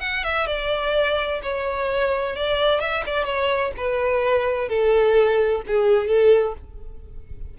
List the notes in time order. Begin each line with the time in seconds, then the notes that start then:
0.00 F#5
0.24 E5
0.47 D5
1.43 C#5
2.36 D5
2.80 E5
3.06 D5
3.25 C#5
3.77 B4
4.69 A4
5.67 G#4
6.07 A4